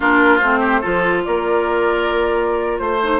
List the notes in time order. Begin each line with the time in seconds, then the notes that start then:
0.00 A#3 D4 F4 A#4
0.37 A3 C4 C5
0.59 G4
0.81 F3 F4 A4
1.24 A#3 A#4 D5
2.78 A3 C5
3.03 D#4